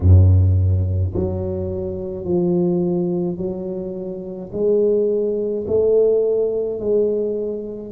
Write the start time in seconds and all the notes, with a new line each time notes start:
0.00 F#2
1.14 F#3
2.24 F3
3.37 F#3
4.52 G#3
5.67 A3
6.79 G#3